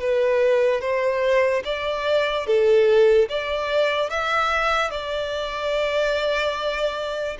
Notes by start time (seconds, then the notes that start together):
0.00 B4
0.81 C5
1.65 D5
2.47 A4
3.29 D5
4.10 E5
4.91 D5